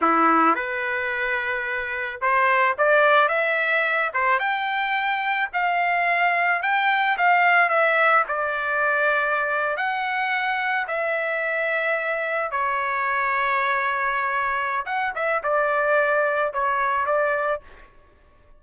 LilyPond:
\new Staff \with { instrumentName = "trumpet" } { \time 4/4 \tempo 4 = 109 e'4 b'2. | c''4 d''4 e''4. c''8 | g''2 f''2 | g''4 f''4 e''4 d''4~ |
d''4.~ d''16 fis''2 e''16~ | e''2~ e''8. cis''4~ cis''16~ | cis''2. fis''8 e''8 | d''2 cis''4 d''4 | }